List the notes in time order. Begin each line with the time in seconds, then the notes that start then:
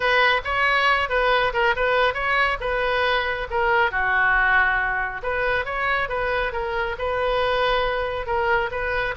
0.00 B4
0.44 C#5
1.09 B4
1.53 A#4
1.75 B4
2.14 C#5
2.60 B4
3.50 A#4
3.91 F#4
5.22 B4
5.65 C#5
6.08 B4
6.52 A#4
6.98 B4
8.26 A#4
8.71 B4